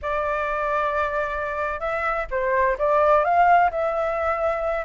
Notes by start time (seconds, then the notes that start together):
0.02 D5
1.80 E5
2.31 C5
2.78 D5
3.24 F5
3.70 E5